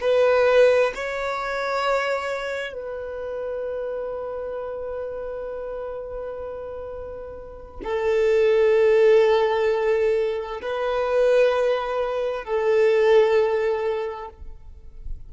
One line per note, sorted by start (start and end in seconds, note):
0.00 0.92 B4
0.94 2.73 C#5
2.73 7.80 B4
7.83 10.60 A4
10.62 12.44 B4
12.44 14.29 A4